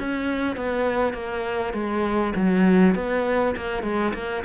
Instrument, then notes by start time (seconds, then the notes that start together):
cello
0.00 C#4
0.57 B3
1.14 A#3
1.74 G#3
2.36 F#3
2.96 B3
3.56 A#3
3.83 G#3
4.14 A#3